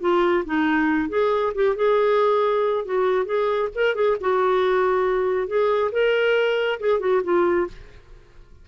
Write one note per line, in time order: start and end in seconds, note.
0.00 0.44 F4
0.45 1.09 D#4
1.09 1.53 G#4
1.54 1.76 G4
1.76 2.85 G#4
2.85 3.25 F#4
3.25 3.69 G#4
3.75 3.95 A#4
3.95 4.16 G#4
4.20 5.47 F#4
5.47 5.91 G#4
5.91 6.79 A#4
6.79 7.00 G#4
7.00 7.21 F#4
7.23 7.67 F4